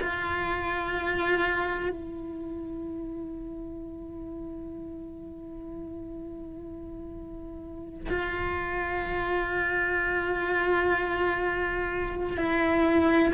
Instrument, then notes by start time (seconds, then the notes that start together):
cello
0.00 F4
1.89 E4
8.09 F4
12.37 E4